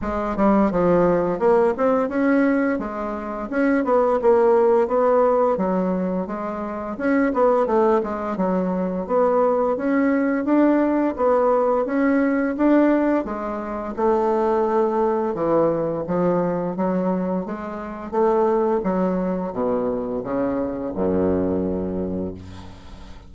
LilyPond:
\new Staff \with { instrumentName = "bassoon" } { \time 4/4 \tempo 4 = 86 gis8 g8 f4 ais8 c'8 cis'4 | gis4 cis'8 b8 ais4 b4 | fis4 gis4 cis'8 b8 a8 gis8 | fis4 b4 cis'4 d'4 |
b4 cis'4 d'4 gis4 | a2 e4 f4 | fis4 gis4 a4 fis4 | b,4 cis4 fis,2 | }